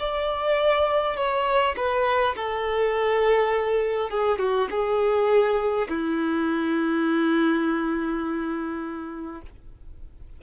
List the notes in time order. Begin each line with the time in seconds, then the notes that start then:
0.00 D5
1.17 C#5
1.76 B4
2.36 A4
4.10 G#4
4.39 F#4
4.71 G#4
5.89 E4